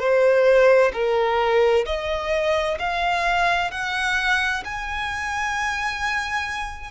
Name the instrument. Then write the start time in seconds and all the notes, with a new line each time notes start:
violin
0.00 C5
0.94 A#4
1.86 D#5
2.79 F5
3.71 F#5
4.65 G#5